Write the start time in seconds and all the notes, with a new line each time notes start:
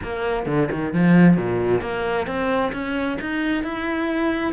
0.03 A#3
0.45 D3
0.71 D#3
0.93 F3
1.36 A#2
1.81 A#3
2.26 C4
2.72 C#4
3.20 D#4
3.63 E4